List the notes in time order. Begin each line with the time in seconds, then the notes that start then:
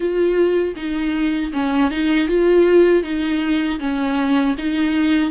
0.00 F4
0.76 D#4
1.53 C#4
1.90 D#4
2.28 F4
3.03 D#4
3.79 C#4
4.58 D#4